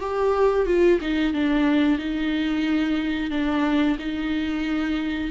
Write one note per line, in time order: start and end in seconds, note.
0.00 0.66 G4
0.66 0.99 F4
1.01 1.34 D#4
1.34 1.99 D4
1.99 3.31 D#4
3.31 3.97 D4
3.99 5.31 D#4